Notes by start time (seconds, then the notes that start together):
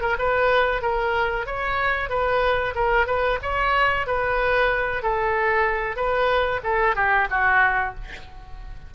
0.00 A#4
0.18 B4
0.82 A#4
1.46 C#5
2.09 B4
2.74 A#4
3.06 B4
3.42 C#5
4.06 B4
5.02 A4
5.96 B4
6.63 A4
6.95 G4
7.30 F#4